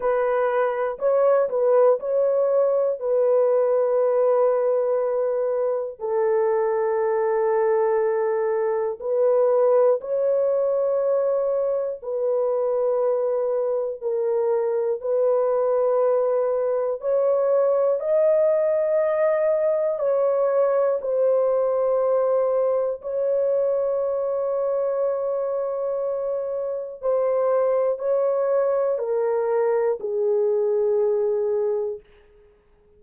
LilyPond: \new Staff \with { instrumentName = "horn" } { \time 4/4 \tempo 4 = 60 b'4 cis''8 b'8 cis''4 b'4~ | b'2 a'2~ | a'4 b'4 cis''2 | b'2 ais'4 b'4~ |
b'4 cis''4 dis''2 | cis''4 c''2 cis''4~ | cis''2. c''4 | cis''4 ais'4 gis'2 | }